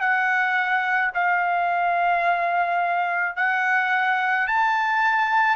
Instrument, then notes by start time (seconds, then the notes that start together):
trumpet
0.00 F#5
1.14 F5
3.36 F#5
4.47 A5